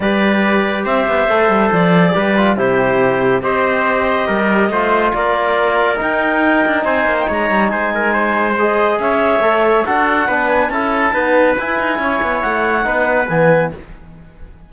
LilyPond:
<<
  \new Staff \with { instrumentName = "clarinet" } { \time 4/4 \tempo 4 = 140 d''2 e''2 | d''2 c''2 | dis''1 | d''2 g''2 |
gis''8. g''16 ais''4 gis''2 | dis''4 e''2 fis''4~ | fis''8 gis''8 a''2 gis''4~ | gis''4 fis''2 gis''4 | }
  \new Staff \with { instrumentName = "trumpet" } { \time 4/4 b'2 c''2~ | c''4 b'4 g'2 | c''2 ais'4 c''4 | ais'1 |
c''4 cis''4 c''8 ais'8 c''4~ | c''4 cis''2 a'4 | b'4 a'4 b'2 | cis''2 b'2 | }
  \new Staff \with { instrumentName = "trombone" } { \time 4/4 g'2. a'4~ | a'4 g'8 f'8 e'2 | g'2. f'4~ | f'2 dis'2~ |
dis'1 | gis'2 a'4 fis'4 | d'4 e'4 b4 e'4~ | e'2 dis'4 b4 | }
  \new Staff \with { instrumentName = "cello" } { \time 4/4 g2 c'8 b8 a8 g8 | f4 g4 c2 | c'2 g4 a4 | ais2 dis'4. d'8 |
c'8 ais8 gis8 g8 gis2~ | gis4 cis'4 a4 d'4 | b4 cis'4 dis'4 e'8 dis'8 | cis'8 b8 a4 b4 e4 | }
>>